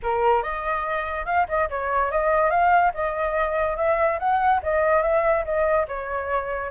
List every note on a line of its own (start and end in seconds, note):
0.02 0.42 A#4
0.42 1.25 D#5
1.25 1.46 F5
1.48 1.69 D#5
1.69 2.11 C#5
2.11 2.50 D#5
2.50 2.92 F5
2.94 3.76 D#5
3.76 4.18 E5
4.19 4.61 F#5
4.63 5.02 D#5
5.02 5.44 E5
5.44 5.86 D#5
5.87 6.71 C#5